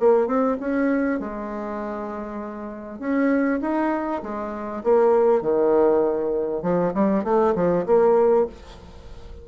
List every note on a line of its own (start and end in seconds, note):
0.00 0.27 A#3
0.27 0.57 C4
0.60 1.20 C#4
1.20 3.00 G#3
3.00 3.60 C#4
3.62 4.22 D#4
4.23 4.84 G#3
4.84 5.42 A#3
5.42 6.63 D#3
6.63 6.93 F3
6.94 7.25 G3
7.25 7.55 A3
7.56 7.86 F3
7.87 8.47 A#3